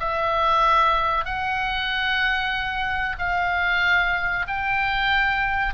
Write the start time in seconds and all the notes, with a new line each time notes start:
0.00 E5
1.25 F#5
3.19 F5
4.48 G5